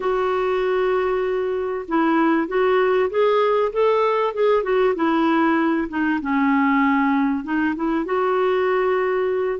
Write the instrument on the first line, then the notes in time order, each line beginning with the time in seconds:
clarinet
0.00 F#4
1.88 E4
2.47 F#4
3.10 G#4
3.72 A4
4.34 G#4
4.63 F#4
4.95 E4
5.88 D#4
6.21 C#4
7.43 D#4
7.75 E4
8.05 F#4